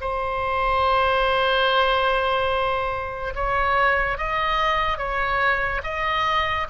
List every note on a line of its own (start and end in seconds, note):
0.00 3.33 C5
3.34 4.17 C#5
4.17 4.97 D#5
4.97 5.81 C#5
5.83 6.66 D#5